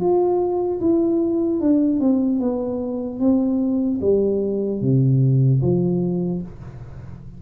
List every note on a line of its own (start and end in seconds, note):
0.00 0.80 F4
0.80 1.60 E4
1.60 2.00 D4
2.00 2.40 C4
2.40 3.19 B3
3.19 3.99 C4
4.01 4.81 G3
4.81 5.61 C3
5.62 6.42 F3